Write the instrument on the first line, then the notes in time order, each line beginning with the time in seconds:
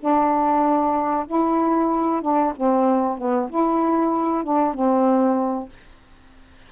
saxophone
0.00 D4
1.27 E4
2.22 D4
2.56 C4
3.18 B3
3.50 E4
4.44 D4
4.74 C4